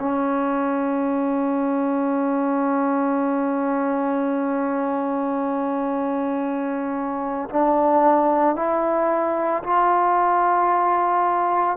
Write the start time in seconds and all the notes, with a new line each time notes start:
0.00 C#4
7.50 D4
8.56 E4
9.64 F4